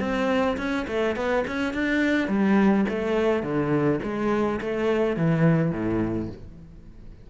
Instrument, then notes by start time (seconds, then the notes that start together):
cello
0.00 C4
0.58 C#4
0.88 A3
1.16 B3
1.48 C#4
1.74 D4
2.29 G3
2.89 A3
3.43 D3
4.03 G#3
4.61 A3
5.17 E3
5.72 A2